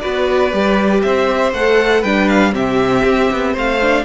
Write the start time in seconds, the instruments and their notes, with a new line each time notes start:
0.00 cello B3, viola F#4, violin B4 D5
0.52 cello G3, viola G4
1.02 cello C4, violin C5 E5
1.53 cello A3, viola A4, violin F#5
2.01 cello G3, viola D4, violin B4 G5
2.28 violin F5
2.53 cello C3, viola C4, violin G4 E5
3.04 cello C4
3.31 cello B3
3.53 cello A3, violin C5 F5
3.82 viola D4